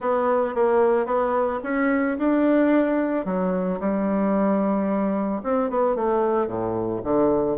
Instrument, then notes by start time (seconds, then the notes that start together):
bassoon
0.00 B3
0.54 A#3
1.05 B3
1.63 C#4
2.18 D4
3.25 F#3
3.80 G3
5.43 C4
5.70 B3
5.95 A3
6.47 A2
7.03 D3